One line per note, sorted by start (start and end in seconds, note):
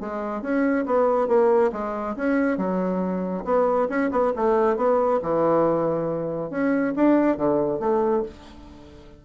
0.00 0.41 G#3
0.41 0.85 C#4
0.86 1.27 B3
1.27 1.71 A#3
1.72 2.15 G#3
2.16 2.57 C#4
2.57 3.44 F#3
3.44 3.88 B3
3.88 4.10 C#4
4.10 4.32 B3
4.35 4.76 A3
4.76 5.20 B3
5.22 6.50 E3
6.50 6.93 C#4
6.95 7.37 D4
7.37 7.79 D3
7.79 8.22 A3